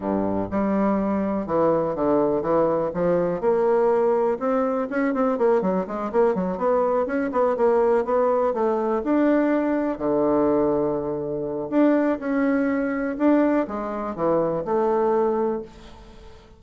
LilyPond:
\new Staff \with { instrumentName = "bassoon" } { \time 4/4 \tempo 4 = 123 g,4 g2 e4 | d4 e4 f4 ais4~ | ais4 c'4 cis'8 c'8 ais8 fis8 | gis8 ais8 fis8 b4 cis'8 b8 ais8~ |
ais8 b4 a4 d'4.~ | d'8 d2.~ d8 | d'4 cis'2 d'4 | gis4 e4 a2 | }